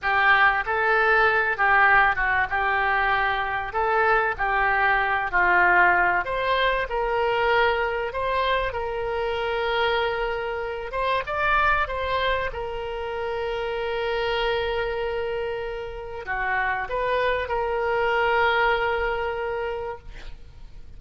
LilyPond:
\new Staff \with { instrumentName = "oboe" } { \time 4/4 \tempo 4 = 96 g'4 a'4. g'4 fis'8 | g'2 a'4 g'4~ | g'8 f'4. c''4 ais'4~ | ais'4 c''4 ais'2~ |
ais'4. c''8 d''4 c''4 | ais'1~ | ais'2 fis'4 b'4 | ais'1 | }